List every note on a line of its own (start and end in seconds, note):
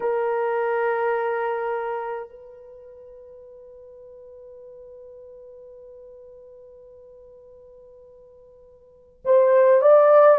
0.00 2.29 A#4
2.29 9.21 B4
9.24 9.81 C5
9.81 10.38 D5